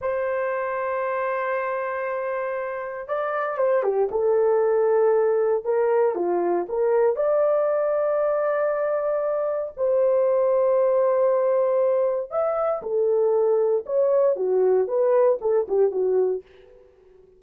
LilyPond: \new Staff \with { instrumentName = "horn" } { \time 4/4 \tempo 4 = 117 c''1~ | c''2 d''4 c''8 g'8 | a'2. ais'4 | f'4 ais'4 d''2~ |
d''2. c''4~ | c''1 | e''4 a'2 cis''4 | fis'4 b'4 a'8 g'8 fis'4 | }